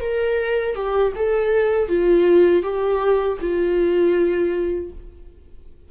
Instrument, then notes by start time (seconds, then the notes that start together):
viola
0.00 A#4
0.75 G4
1.16 A4
1.88 F4
2.63 G4
3.41 F4